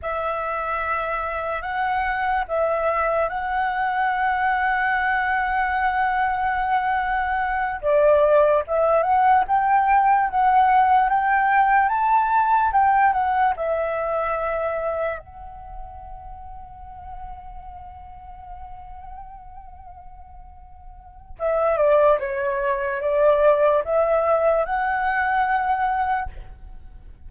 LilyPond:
\new Staff \with { instrumentName = "flute" } { \time 4/4 \tempo 4 = 73 e''2 fis''4 e''4 | fis''1~ | fis''4. d''4 e''8 fis''8 g''8~ | g''8 fis''4 g''4 a''4 g''8 |
fis''8 e''2 fis''4.~ | fis''1~ | fis''2 e''8 d''8 cis''4 | d''4 e''4 fis''2 | }